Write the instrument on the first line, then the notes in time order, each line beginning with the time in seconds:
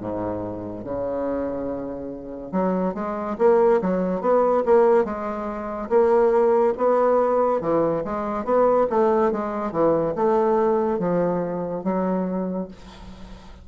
bassoon
0.00 G#2
0.85 C#3
2.52 F#3
2.94 G#3
3.38 A#3
3.81 F#3
4.21 B3
4.65 A#3
5.05 G#3
5.89 A#3
6.77 B3
7.61 E3
8.05 G#3
8.45 B3
8.90 A3
9.32 G#3
9.72 E3
10.16 A3
10.99 F3
11.84 F#3